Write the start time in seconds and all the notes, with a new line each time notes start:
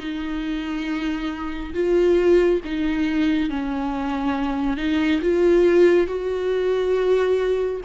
0.00 D#4
1.74 F4
2.65 D#4
3.50 C#4
4.77 D#4
5.22 F4
6.08 F#4